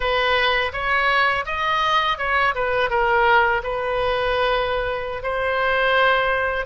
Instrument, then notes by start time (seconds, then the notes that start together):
oboe
0.00 B4
0.72 C#5
1.45 D#5
2.18 C#5
2.54 B4
2.89 A#4
3.63 B4
5.22 C5